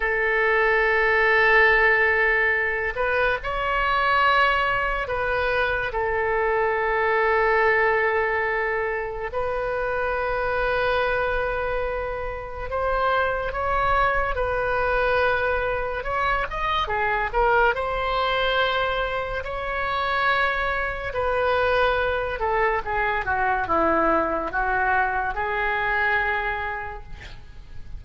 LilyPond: \new Staff \with { instrumentName = "oboe" } { \time 4/4 \tempo 4 = 71 a'2.~ a'8 b'8 | cis''2 b'4 a'4~ | a'2. b'4~ | b'2. c''4 |
cis''4 b'2 cis''8 dis''8 | gis'8 ais'8 c''2 cis''4~ | cis''4 b'4. a'8 gis'8 fis'8 | e'4 fis'4 gis'2 | }